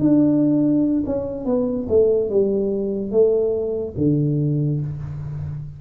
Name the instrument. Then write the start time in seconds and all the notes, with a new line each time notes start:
tuba
0.00 D4
1.06 C#4
1.46 B3
1.89 A3
2.30 G3
3.11 A3
3.98 D3